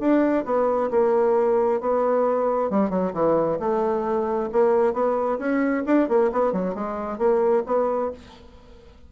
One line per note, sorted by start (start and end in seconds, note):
0.00 0.45 D4
0.46 0.91 B3
0.91 1.81 A#3
1.81 2.71 B3
2.71 2.90 G3
2.90 3.13 F#3
3.14 3.59 E3
3.60 4.50 A3
4.53 4.94 A#3
4.94 5.39 B3
5.39 5.84 C#4
5.87 6.09 D4
6.09 6.31 A#3
6.33 6.53 B3
6.53 6.75 F#3
6.75 7.19 G#3
7.19 7.64 A#3
7.67 8.12 B3